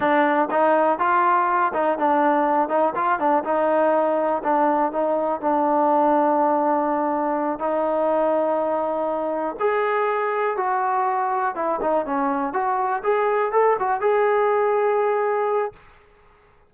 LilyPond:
\new Staff \with { instrumentName = "trombone" } { \time 4/4 \tempo 4 = 122 d'4 dis'4 f'4. dis'8 | d'4. dis'8 f'8 d'8 dis'4~ | dis'4 d'4 dis'4 d'4~ | d'2.~ d'8 dis'8~ |
dis'2.~ dis'8 gis'8~ | gis'4. fis'2 e'8 | dis'8 cis'4 fis'4 gis'4 a'8 | fis'8 gis'2.~ gis'8 | }